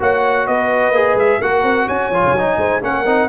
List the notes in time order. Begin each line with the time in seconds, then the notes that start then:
0.00 A#3 F#4 C#5 F#5
0.47 B3 B4 D#5
0.91 A#3 G#4
1.15 G#3 E5
1.41 A#3 F#4 A#4 F#5
1.63 C4
1.87 C#4 C#5 G#5
2.11 F3 F4
2.23 C#3
2.32 F#3 D#4
2.58 G#3 C5
2.82 A#3 C#4 A#4 F#5
3.06 C4 D#4